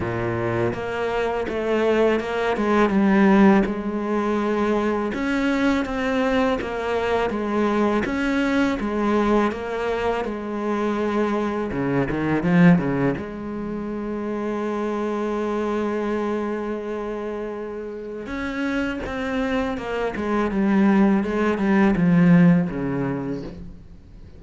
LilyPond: \new Staff \with { instrumentName = "cello" } { \time 4/4 \tempo 4 = 82 ais,4 ais4 a4 ais8 gis8 | g4 gis2 cis'4 | c'4 ais4 gis4 cis'4 | gis4 ais4 gis2 |
cis8 dis8 f8 cis8 gis2~ | gis1~ | gis4 cis'4 c'4 ais8 gis8 | g4 gis8 g8 f4 cis4 | }